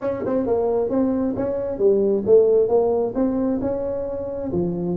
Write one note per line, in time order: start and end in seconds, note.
0.01 0.23 C#4
0.25 0.46 C4
0.46 0.89 A#3
0.89 1.34 C4
1.36 1.78 C#4
1.78 2.23 G3
2.26 2.68 A3
2.68 3.13 A#3
3.15 3.60 C4
3.61 4.51 C#4
4.52 4.97 F3